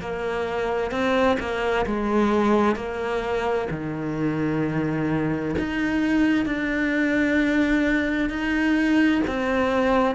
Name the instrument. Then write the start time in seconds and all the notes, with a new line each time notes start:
cello
0.00 A#3
0.91 C4
1.39 A#3
1.85 G#3
2.75 A#3
3.70 D#3
5.58 D#4
6.45 D4
8.29 D#4
9.27 C4